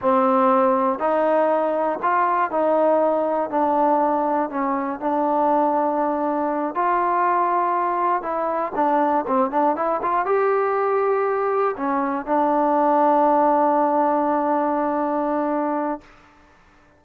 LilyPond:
\new Staff \with { instrumentName = "trombone" } { \time 4/4 \tempo 4 = 120 c'2 dis'2 | f'4 dis'2 d'4~ | d'4 cis'4 d'2~ | d'4. f'2~ f'8~ |
f'8 e'4 d'4 c'8 d'8 e'8 | f'8 g'2. cis'8~ | cis'8 d'2.~ d'8~ | d'1 | }